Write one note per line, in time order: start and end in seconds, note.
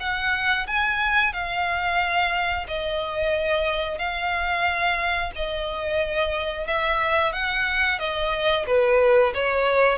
0.00 0.67 F#5
0.67 1.33 G#5
1.33 2.66 F5
2.68 3.98 D#5
3.98 5.32 F5
5.35 6.67 D#5
6.67 7.33 E5
7.33 7.99 F#5
7.99 8.66 D#5
8.66 9.33 B4
9.34 9.98 C#5